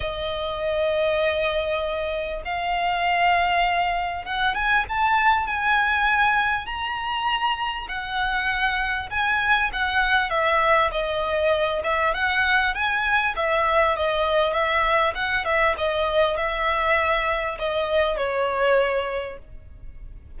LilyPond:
\new Staff \with { instrumentName = "violin" } { \time 4/4 \tempo 4 = 99 dis''1 | f''2. fis''8 gis''8 | a''4 gis''2 ais''4~ | ais''4 fis''2 gis''4 |
fis''4 e''4 dis''4. e''8 | fis''4 gis''4 e''4 dis''4 | e''4 fis''8 e''8 dis''4 e''4~ | e''4 dis''4 cis''2 | }